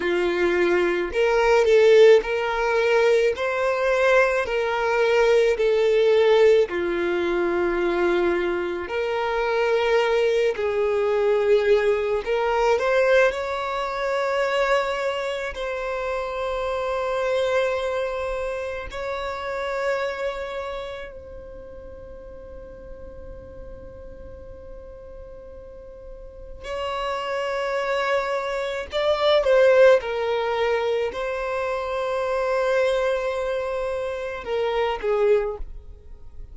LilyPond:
\new Staff \with { instrumentName = "violin" } { \time 4/4 \tempo 4 = 54 f'4 ais'8 a'8 ais'4 c''4 | ais'4 a'4 f'2 | ais'4. gis'4. ais'8 c''8 | cis''2 c''2~ |
c''4 cis''2 c''4~ | c''1 | cis''2 d''8 c''8 ais'4 | c''2. ais'8 gis'8 | }